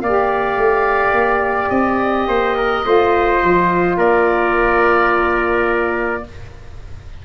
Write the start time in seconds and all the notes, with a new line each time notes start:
0.00 A#3 D5 F5
0.06 G4
0.56 A3
1.12 A#3
1.69 C4 D#5
2.27 A#3 C5
2.57 A#4
2.83 A3 F4 C5
3.43 F3
3.97 A#3 A#4 D5